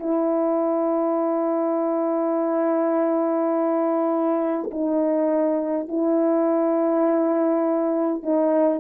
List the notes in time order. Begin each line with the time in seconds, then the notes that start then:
0.00 E4
4.71 D#4
5.89 E4
8.24 D#4